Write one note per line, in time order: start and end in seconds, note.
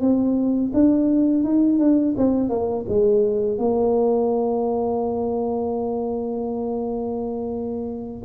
0.00 0.71 C4
0.73 1.44 D4
1.44 1.79 D#4
1.79 2.14 D4
2.17 2.49 C4
2.49 2.85 A#3
2.88 3.58 G#3
3.58 8.22 A#3